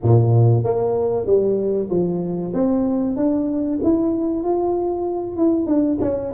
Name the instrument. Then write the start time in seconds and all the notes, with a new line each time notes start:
tuba
0.02 A#2
0.64 A#3
1.25 G3
1.89 F3
2.53 C4
3.16 D4
3.83 E4
4.43 F4
5.36 E4
5.66 D4
6.01 C#4